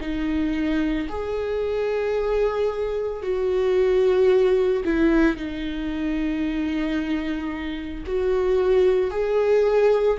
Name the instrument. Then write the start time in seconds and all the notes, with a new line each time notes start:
viola
0.00 D#4
1.09 G#4
3.22 F#4
4.84 E4
5.36 D#4
8.06 F#4
9.10 G#4